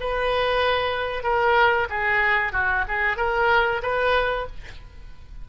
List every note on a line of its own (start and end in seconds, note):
0.00 1.23 B4
1.23 1.88 A#4
1.89 2.52 G#4
2.52 2.85 F#4
2.88 3.17 G#4
3.17 3.82 A#4
3.82 4.47 B4